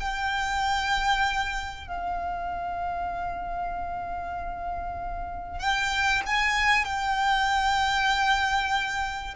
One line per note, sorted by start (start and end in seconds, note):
0.00 1.88 G5
1.88 5.59 F5
5.59 6.22 G5
6.26 6.85 G#5
6.85 9.35 G5